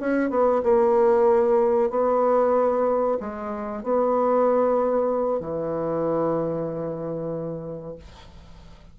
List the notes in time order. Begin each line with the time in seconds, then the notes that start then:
0.00 C#4
0.30 B3
0.63 A#3
1.90 B3
3.20 G#3
3.83 B3
5.40 E3